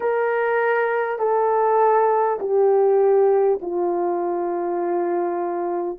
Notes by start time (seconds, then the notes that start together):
0.00 A#4
1.18 A4
2.39 G4
3.61 F4